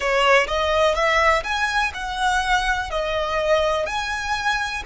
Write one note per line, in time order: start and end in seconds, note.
0.00 0.46 C#5
0.47 0.94 D#5
0.94 1.43 E5
1.43 1.92 G#5
1.94 2.90 F#5
2.90 3.85 D#5
3.85 4.82 G#5